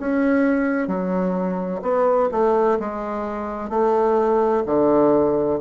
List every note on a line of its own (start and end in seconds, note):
0.00 0.88 C#4
0.88 1.82 F#3
1.82 2.29 B3
2.32 2.79 A3
2.80 3.70 G#3
3.70 4.64 A3
4.66 5.60 D3